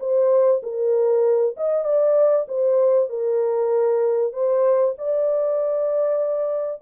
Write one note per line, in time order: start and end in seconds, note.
0.00 0.62 C5
0.63 1.56 A#4
1.57 1.85 D#5
1.85 2.47 D5
2.48 3.09 C5
3.09 4.33 A#4
4.33 4.95 C5
4.98 6.82 D5